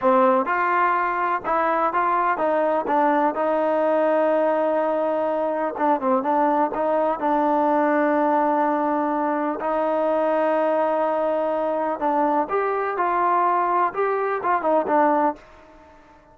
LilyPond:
\new Staff \with { instrumentName = "trombone" } { \time 4/4 \tempo 4 = 125 c'4 f'2 e'4 | f'4 dis'4 d'4 dis'4~ | dis'1 | d'8 c'8 d'4 dis'4 d'4~ |
d'1 | dis'1~ | dis'4 d'4 g'4 f'4~ | f'4 g'4 f'8 dis'8 d'4 | }